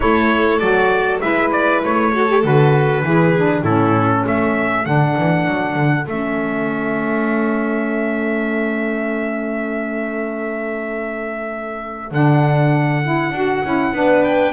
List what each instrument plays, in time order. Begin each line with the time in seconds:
0.00 double bass A3, saxophone E4, violin A4, trumpet C#5
0.59 double bass F#3, saxophone F#4, trumpet D5
1.20 double bass G#3, saxophone E4, violin B4, trumpet E5
1.52 trumpet D5
1.84 double bass A3, trumpet C#5
2.13 saxophone F#4, violin A4
2.28 saxophone G4
2.42 double bass D3, saxophone F#4, trumpet B4
3.02 double bass E3, saxophone E4, violin G#4
3.36 saxophone D4
3.62 double bass A2, saxophone C#4, violin E4, trumpet A4
4.23 double bass A3, violin A4, trumpet E5
4.84 double bass D3, saxophone D4, trumpet F#5
5.17 double bass E3
5.47 double bass F#3
5.75 double bass D3
6.04 double bass A3, saxophone C#4, trumpet E5
12.11 double bass D3, saxophone D4, trumpet F#5
13.03 saxophone E4
13.31 double bass D4, saxophone F#4
13.64 double bass C#4, saxophone E4
13.92 double bass B3, saxophone D4, violin B4
14.24 trumpet G5